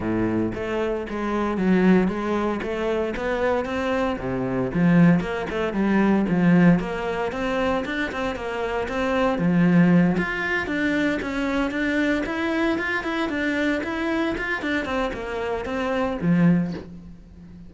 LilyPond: \new Staff \with { instrumentName = "cello" } { \time 4/4 \tempo 4 = 115 a,4 a4 gis4 fis4 | gis4 a4 b4 c'4 | c4 f4 ais8 a8 g4 | f4 ais4 c'4 d'8 c'8 |
ais4 c'4 f4. f'8~ | f'8 d'4 cis'4 d'4 e'8~ | e'8 f'8 e'8 d'4 e'4 f'8 | d'8 c'8 ais4 c'4 f4 | }